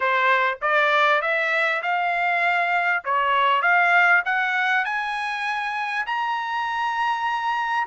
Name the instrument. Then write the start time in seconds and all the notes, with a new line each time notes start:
trumpet
0.00 C5
0.61 D5
1.21 E5
1.82 F5
3.04 C#5
3.62 F5
4.25 F#5
4.85 G#5
6.06 A#5